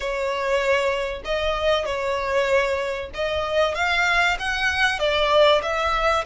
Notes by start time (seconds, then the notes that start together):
0.00 C#5
1.24 D#5
1.85 C#5
3.14 D#5
3.74 F5
4.39 F#5
4.99 D5
5.62 E5